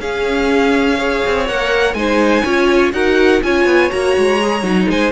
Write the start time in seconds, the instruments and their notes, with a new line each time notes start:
0.00 cello C#4, viola C#4, violin G#4 F5
0.98 viola G#4, violin C#5
1.26 cello C4
1.48 cello A#3, viola A#4, violin F#5
1.94 cello G#3, viola D#4, violin C5 G#5
2.44 cello C#4, viola F4, violin C#5
2.93 cello D#4, viola F#4, violin A#4 F#5
3.43 cello C#4, viola F4, violin C#5 G#5
3.66 cello B3
3.91 cello A#3, viola F#4, violin A#5
4.18 cello G#3
4.42 viola G#4
4.63 cello F#3, viola D#4
4.90 cello G#3, violin C5 G#5